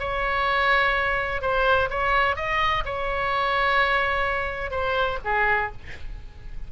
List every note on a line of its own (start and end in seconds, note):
0.00 1.42 C#5
1.42 1.89 C5
1.90 2.36 C#5
2.36 2.84 D#5
2.85 4.71 C#5
4.71 5.18 C5
5.24 5.72 G#4